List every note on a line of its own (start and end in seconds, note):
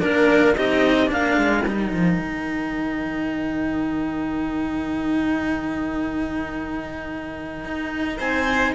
0.00 0.57 A#3
0.00 0.55 D4
0.00 0.56 A#4
0.00 0.55 A#4
0.55 1.11 C4
0.55 1.07 D#4
0.55 1.09 G4
0.55 1.10 D#5
1.07 1.38 A#3
1.07 1.61 D4
1.07 8.18 A#4
1.07 1.65 F5
1.38 1.65 G#3
1.65 1.92 G3
1.65 8.75 D#4
1.65 8.19 G5
1.92 2.19 F3
2.19 7.65 D#3
7.65 8.19 D#4
8.18 8.74 C4
8.18 8.73 C5
8.18 8.74 G#5